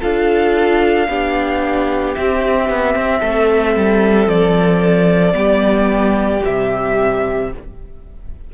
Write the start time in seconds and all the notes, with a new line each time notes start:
0.00 D4 F4 A4 F5
1.08 B3 D4 G4
2.14 C4 E5
2.69 B3
2.95 C4
3.20 A3 A4
3.76 G3
4.26 F3 D5
5.33 G3 B3 G4
6.44 C3 G3 E5